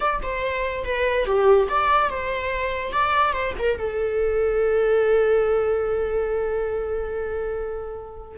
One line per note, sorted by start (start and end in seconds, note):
0.00 0.20 D5
0.22 0.84 C5
0.84 1.25 B4
1.25 1.67 G4
1.69 2.09 D5
2.09 2.92 C5
2.92 3.32 D5
3.32 3.53 C5
3.59 3.78 A#4
3.78 8.38 A4